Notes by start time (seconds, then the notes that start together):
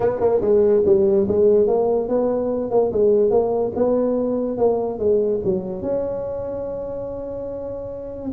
0.00 B3
0.20 A#3
0.41 G#3
0.85 G3
1.28 G#3
1.67 A#3
2.08 B3
2.70 A#3
2.92 G#3
3.30 A#3
3.75 B3
4.57 A#3
4.98 G#3
5.44 F#3
5.82 C#4